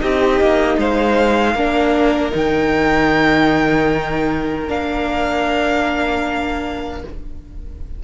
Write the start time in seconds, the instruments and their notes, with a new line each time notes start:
0.00 cello C4, viola D#4, violin G4 D#5
0.40 cello A#3
0.77 cello G#3, violin C5 F5
1.53 cello A#3, viola D4, violin A#4
2.31 cello D#3, viola D#4, violin G5
4.67 cello A#3, viola D4, violin F5